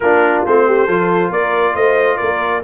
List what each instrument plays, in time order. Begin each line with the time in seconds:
0.00 tuba A#3, trombone D4, horn F4, trumpet A#4
0.46 tuba A3, trombone C4, trumpet C5
0.66 horn G4
0.86 tuba F3, trombone F4, horn A4
1.29 tuba A#3, horn A#4, trumpet D5
1.74 tuba A3, horn C5, trumpet D#5
2.17 tuba A#3, horn A#4, trumpet D5